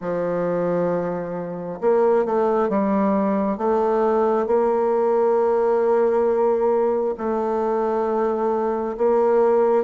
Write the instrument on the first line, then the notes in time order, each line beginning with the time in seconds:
bassoon
0.00 F3
1.81 A#3
2.25 A3
2.69 G3
3.57 A3
4.46 A#3
7.17 A3
8.97 A#3